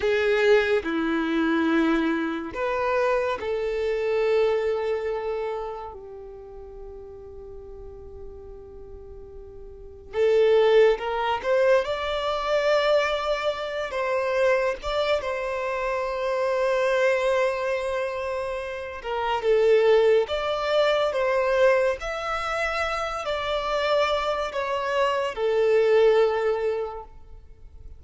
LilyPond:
\new Staff \with { instrumentName = "violin" } { \time 4/4 \tempo 4 = 71 gis'4 e'2 b'4 | a'2. g'4~ | g'1 | a'4 ais'8 c''8 d''2~ |
d''8 c''4 d''8 c''2~ | c''2~ c''8 ais'8 a'4 | d''4 c''4 e''4. d''8~ | d''4 cis''4 a'2 | }